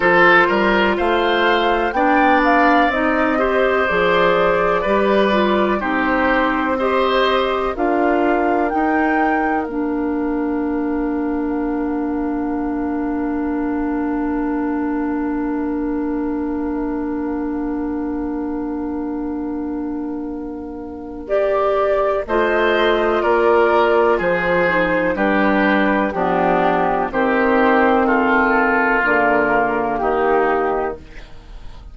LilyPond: <<
  \new Staff \with { instrumentName = "flute" } { \time 4/4 \tempo 4 = 62 c''4 f''4 g''8 f''8 dis''4 | d''2 c''4 dis''4 | f''4 g''4 f''2~ | f''1~ |
f''1~ | f''2 d''4 dis''4 | d''4 c''4 b'4 g'4 | c''4 a'4 ais'4 g'4 | }
  \new Staff \with { instrumentName = "oboe" } { \time 4/4 a'8 ais'8 c''4 d''4. c''8~ | c''4 b'4 g'4 c''4 | ais'1~ | ais'1~ |
ais'1~ | ais'2. c''4 | ais'4 gis'4 g'4 d'4 | g'4 f'2 dis'4 | }
  \new Staff \with { instrumentName = "clarinet" } { \time 4/4 f'2 d'4 dis'8 g'8 | gis'4 g'8 f'8 dis'4 g'4 | f'4 dis'4 d'2~ | d'1~ |
d'1~ | d'2 g'4 f'4~ | f'4. dis'8 d'4 b4 | c'2 ais2 | }
  \new Staff \with { instrumentName = "bassoon" } { \time 4/4 f8 g8 a4 b4 c'4 | f4 g4 c'2 | d'4 dis'4 ais2~ | ais1~ |
ais1~ | ais2. a4 | ais4 f4 g4 f4 | dis2 d4 dis4 | }
>>